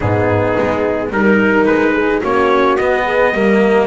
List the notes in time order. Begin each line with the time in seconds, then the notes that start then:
0.00 G#2 B3 D#4 G#4
0.58 G#3
1.10 G3 D#4 A#4
1.65 G#3 B4
1.94 G#4
2.20 A#3 C#4 F#4 C#5
2.76 B3 D#5
3.05 G#4
3.32 G3 A#3 A#4